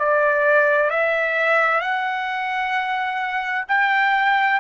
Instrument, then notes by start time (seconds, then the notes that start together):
trumpet
0.00 D5
0.91 E5
1.81 F#5
3.68 G5